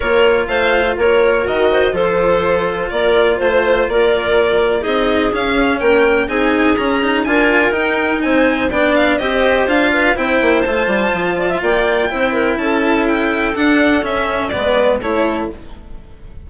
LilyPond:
<<
  \new Staff \with { instrumentName = "violin" } { \time 4/4 \tempo 4 = 124 cis''4 f''4 cis''4 dis''4 | c''2 d''4 c''4 | d''2 dis''4 f''4 | g''4 gis''4 ais''4 gis''4 |
g''4 gis''4 g''8 f''8 dis''4 | f''4 g''4 a''2 | g''2 a''4 g''4 | fis''4 e''4 d''4 cis''4 | }
  \new Staff \with { instrumentName = "clarinet" } { \time 4/4 ais'4 c''4 ais'4. c''8 | a'2 ais'4 c''4 | ais'2 gis'2 | ais'4 gis'2 ais'4~ |
ais'4 c''4 d''4 c''4~ | c''8 b'8 c''2~ c''8 d''16 e''16 | d''4 c''8 ais'8 a'2~ | a'2 b'4 a'4 | }
  \new Staff \with { instrumentName = "cello" } { \time 4/4 f'2. fis'4 | f'1~ | f'2 dis'4 cis'4~ | cis'4 dis'4 cis'8 dis'8 f'4 |
dis'2 d'4 g'4 | f'4 e'4 f'2~ | f'4 e'2. | d'4 cis'4 b4 e'4 | }
  \new Staff \with { instrumentName = "bassoon" } { \time 4/4 ais4 a4 ais4 dis4 | f2 ais4 a4 | ais2 c'4 cis'4 | ais4 c'4 cis'4 d'4 |
dis'4 c'4 b4 c'4 | d'4 c'8 ais8 a8 g8 f4 | ais4 c'4 cis'2 | d'4 cis'4 gis4 a4 | }
>>